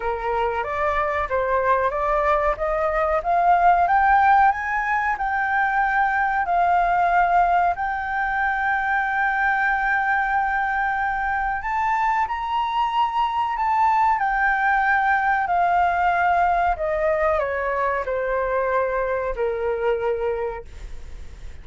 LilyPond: \new Staff \with { instrumentName = "flute" } { \time 4/4 \tempo 4 = 93 ais'4 d''4 c''4 d''4 | dis''4 f''4 g''4 gis''4 | g''2 f''2 | g''1~ |
g''2 a''4 ais''4~ | ais''4 a''4 g''2 | f''2 dis''4 cis''4 | c''2 ais'2 | }